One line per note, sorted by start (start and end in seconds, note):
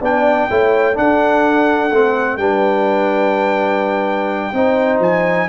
0.00 0.48 B3
0.00 0.50 D4
0.00 0.48 D5
0.00 0.97 G5
0.50 0.97 A3
0.50 0.94 E4
0.50 0.98 C#5
0.94 1.89 D4
0.94 1.91 D4
0.94 2.40 A4
0.94 2.37 F#5
1.91 2.37 A3
1.91 2.39 C4
2.37 4.51 G3
2.37 4.53 D4
2.37 4.54 B4
2.37 4.99 G5
4.52 4.99 C4
4.52 5.48 D#4
4.52 5.48 C5
4.99 5.47 F3
4.99 5.48 G#5